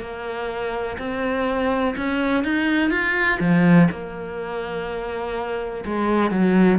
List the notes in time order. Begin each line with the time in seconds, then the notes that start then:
0.00 A#3
0.98 C4
1.97 C#4
2.44 D#4
2.90 F4
3.40 F3
3.91 A#3
5.85 G#3
6.31 F#3